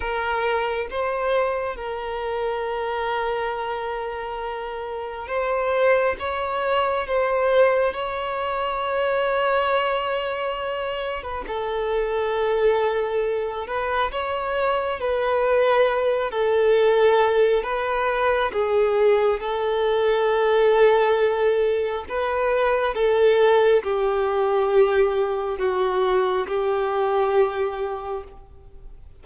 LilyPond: \new Staff \with { instrumentName = "violin" } { \time 4/4 \tempo 4 = 68 ais'4 c''4 ais'2~ | ais'2 c''4 cis''4 | c''4 cis''2.~ | cis''8. b'16 a'2~ a'8 b'8 |
cis''4 b'4. a'4. | b'4 gis'4 a'2~ | a'4 b'4 a'4 g'4~ | g'4 fis'4 g'2 | }